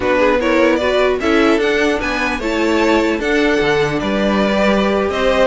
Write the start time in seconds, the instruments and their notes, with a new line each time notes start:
0.00 cello B3, viola D4, violin F#4 B4
0.19 violin G#4
0.40 viola E4, violin A#4 C#5
0.75 viola F#4, violin B4 D5
1.20 cello C#4, viola E4, violin A4 E5
1.57 cello D4, viola D4, violin F#5
1.99 cello B3, violin B4 G#5
2.39 cello A3, viola E4, violin C#5 A5
3.19 cello D4, viola D4, violin A4 F#5
3.61 cello D3
3.99 cello G3, violin B4 D5
4.50 viola G4
5.09 cello C4, violin C5 D#5